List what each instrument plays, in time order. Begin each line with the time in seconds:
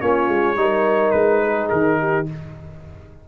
0.00 tuba A#3, trombone C#4, horn F4, trumpet C#5
0.28 tuba G#3
0.56 tuba G3, trombone D#4, horn A#4
1.11 tuba G#3, trumpet B4
1.43 horn G#4
1.69 tuba D#3, trumpet A#4
1.99 horn G4